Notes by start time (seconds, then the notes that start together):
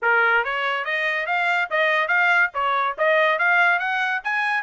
0.02 A#4
0.44 C#5
0.84 D#5
1.26 F5
1.70 D#5
2.08 F5
2.54 C#5
2.98 D#5
3.38 F5
3.79 F#5
4.23 G#5